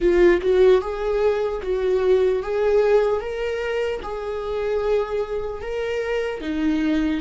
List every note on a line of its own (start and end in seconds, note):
0.00 0.40 F4
0.41 0.81 F#4
0.81 1.61 G#4
1.62 2.42 F#4
2.42 3.20 G#4
3.20 4.00 A#4
4.03 5.61 G#4
5.61 6.40 A#4
6.40 7.20 D#4